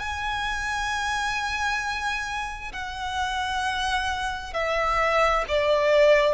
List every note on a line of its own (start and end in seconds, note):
0.00 2.73 G#5
2.73 4.54 F#5
4.54 5.45 E5
5.49 6.35 D5